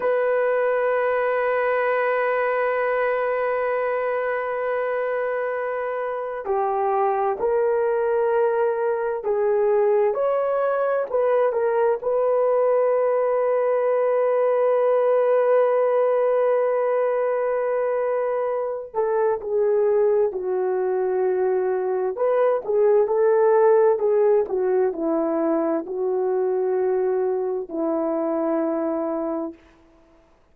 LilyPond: \new Staff \with { instrumentName = "horn" } { \time 4/4 \tempo 4 = 65 b'1~ | b'2. g'4 | ais'2 gis'4 cis''4 | b'8 ais'8 b'2.~ |
b'1~ | b'8 a'8 gis'4 fis'2 | b'8 gis'8 a'4 gis'8 fis'8 e'4 | fis'2 e'2 | }